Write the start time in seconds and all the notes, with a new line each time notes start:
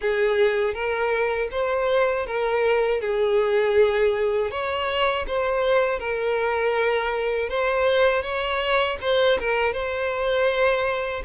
0.01 G#4
0.74 A#4
1.51 C5
2.26 A#4
3.00 G#4
4.50 C#5
5.27 C5
5.99 A#4
7.49 C5
8.22 C#5
9.01 C5
9.40 A#4
9.72 C5